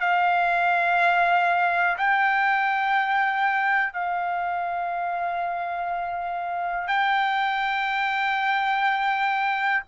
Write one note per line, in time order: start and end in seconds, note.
0.00 1.97 F5
1.98 3.93 G5
3.93 6.88 F5
6.88 9.83 G5